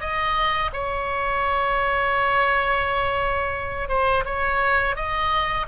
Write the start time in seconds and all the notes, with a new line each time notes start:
0.00 D#5
0.73 C#5
3.89 C5
4.25 C#5
4.96 D#5